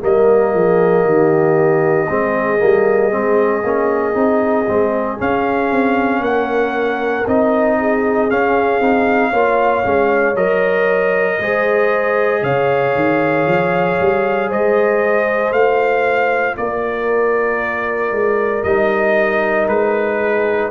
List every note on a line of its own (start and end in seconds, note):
0.00 0.54 G3
0.00 2.07 A#3
0.00 0.55 A#4
0.00 5.21 D#5
0.54 1.05 F3
0.54 1.05 G#4
1.05 2.08 D#3
1.05 2.09 G4
2.09 2.62 G#3
2.09 2.59 C4
2.09 6.23 G#4
2.59 3.14 G3
2.59 3.11 A#3
3.11 3.64 G#3
3.11 3.63 C4
3.64 4.15 A#3
3.64 4.14 C#4
4.14 4.67 C4
4.14 4.66 D#4
4.68 5.20 G#3
4.68 5.18 C4
5.18 7.25 C#4
5.18 5.72 C#4
5.18 6.23 F5
5.72 6.20 C4
6.20 7.24 A#3
6.20 7.79 A#4
6.20 7.27 F#5
7.27 8.31 C4
7.27 8.31 D#4
7.27 8.30 D#5
7.79 9.30 G#4
8.30 8.81 C#4
8.30 8.80 C#4
8.30 10.37 F5
8.80 9.32 C4
8.80 9.33 D#4
9.30 9.85 A#3
9.30 9.84 F4
9.30 11.37 C#5
9.84 10.36 G#3
9.84 10.36 C#4
10.36 11.39 F#3
10.36 11.41 A#4
10.36 12.44 D#5
11.40 12.43 G#3
11.40 15.55 G#4
11.40 12.43 C5
12.43 12.94 C#3
12.43 14.50 C#5
12.43 14.50 F5
12.95 13.47 D#3
13.47 13.99 F3
14.00 14.51 G3
14.50 15.52 G#3
14.50 16.57 C5
14.50 15.53 D#5
15.52 16.55 A3
15.52 18.65 F4
15.52 16.56 F5
16.57 18.12 A#3
16.57 20.19 A#4
16.57 18.64 D5
18.12 18.64 G#3
18.64 19.68 G3
18.64 20.71 D#4
18.64 19.67 D#5
19.68 20.71 G#3
19.68 20.71 B4
20.19 20.70 G#4